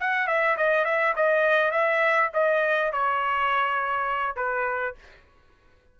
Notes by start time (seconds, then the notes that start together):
0.00 F#5
0.27 E5
0.57 D#5
0.85 E5
1.16 D#5
1.71 E5
2.34 D#5
2.93 C#5
4.36 B4